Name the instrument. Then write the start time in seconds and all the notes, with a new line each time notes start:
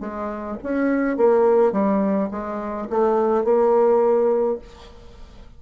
bassoon
0.00 G#3
0.63 C#4
1.17 A#3
1.72 G3
2.31 G#3
2.89 A3
3.44 A#3